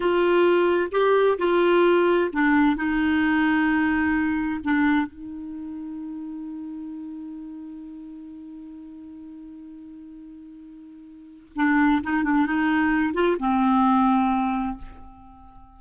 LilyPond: \new Staff \with { instrumentName = "clarinet" } { \time 4/4 \tempo 4 = 130 f'2 g'4 f'4~ | f'4 d'4 dis'2~ | dis'2 d'4 dis'4~ | dis'1~ |
dis'1~ | dis'1~ | dis'4 d'4 dis'8 d'8 dis'4~ | dis'8 f'8 c'2. | }